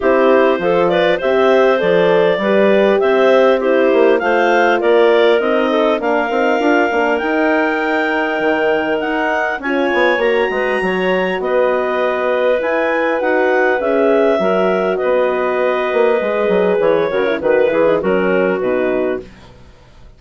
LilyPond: <<
  \new Staff \with { instrumentName = "clarinet" } { \time 4/4 \tempo 4 = 100 c''4. d''8 e''4 d''4~ | d''4 e''4 c''4 f''4 | d''4 dis''4 f''2 | g''2. fis''4 |
gis''4 ais''2 dis''4~ | dis''4 gis''4 fis''4 e''4~ | e''4 dis''2. | cis''4 b'8 gis'8 ais'4 b'4 | }
  \new Staff \with { instrumentName = "clarinet" } { \time 4/4 g'4 a'8 b'8 c''2 | b'4 c''4 g'4 c''4 | ais'4. a'8 ais'2~ | ais'1 |
cis''4. b'8 cis''4 b'4~ | b'1 | ais'4 b'2.~ | b'8 ais'8 b'4 fis'2 | }
  \new Staff \with { instrumentName = "horn" } { \time 4/4 e'4 f'4 g'4 a'4 | g'2 e'4 f'4~ | f'4 dis'4 d'8 dis'8 f'8 d'8 | dis'1 |
f'4 fis'2.~ | fis'4 e'4 fis'4 gis'4 | fis'2. gis'4~ | gis'8 fis'16 e'16 fis'8 e'16 dis'16 cis'4 dis'4 | }
  \new Staff \with { instrumentName = "bassoon" } { \time 4/4 c'4 f4 c'4 f4 | g4 c'4. ais8 a4 | ais4 c'4 ais8 c'8 d'8 ais8 | dis'2 dis4 dis'4 |
cis'8 b8 ais8 gis8 fis4 b4~ | b4 e'4 dis'4 cis'4 | fis4 b4. ais8 gis8 fis8 | e8 cis8 dis8 e8 fis4 b,4 | }
>>